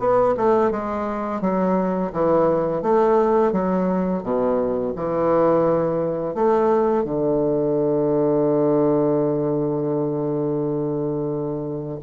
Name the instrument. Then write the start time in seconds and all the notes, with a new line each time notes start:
bassoon
0.00 B3
0.38 A3
0.72 G#3
1.42 F#3
2.13 E3
2.83 A3
3.53 F#3
4.24 B2
4.97 E3
6.35 A3
7.05 D3